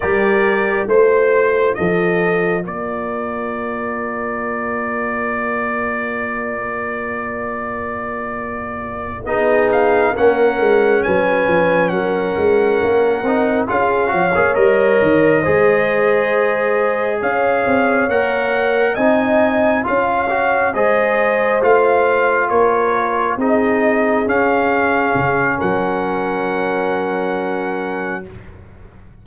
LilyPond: <<
  \new Staff \with { instrumentName = "trumpet" } { \time 4/4 \tempo 4 = 68 d''4 c''4 dis''4 d''4~ | d''1~ | d''2~ d''8 dis''8 f''8 fis''8~ | fis''8 gis''4 fis''2 f''8~ |
f''8 dis''2. f''8~ | f''8 fis''4 gis''4 f''4 dis''8~ | dis''8 f''4 cis''4 dis''4 f''8~ | f''4 fis''2. | }
  \new Staff \with { instrumentName = "horn" } { \time 4/4 ais'4 c''4 a'4 ais'4~ | ais'1~ | ais'2~ ais'8 gis'4 ais'8~ | ais'8 b'4 ais'2 gis'8 |
cis''4. c''2 cis''8~ | cis''4. dis''4 cis''4 c''8~ | c''4. ais'4 gis'4.~ | gis'4 ais'2. | }
  \new Staff \with { instrumentName = "trombone" } { \time 4/4 g'4 f'2.~ | f'1~ | f'2~ f'8 dis'4 cis'8~ | cis'2. dis'8 f'8 |
fis'16 gis'16 ais'4 gis'2~ gis'8~ | gis'8 ais'4 dis'4 f'8 fis'8 gis'8~ | gis'8 f'2 dis'4 cis'8~ | cis'1 | }
  \new Staff \with { instrumentName = "tuba" } { \time 4/4 g4 a4 f4 ais4~ | ais1~ | ais2~ ais8 b4 ais8 | gis8 fis8 f8 fis8 gis8 ais8 c'8 cis'8 |
f16 ais16 g8 dis8 gis2 cis'8 | c'8 ais4 c'4 cis'4 gis8~ | gis8 a4 ais4 c'4 cis'8~ | cis'8 cis8 fis2. | }
>>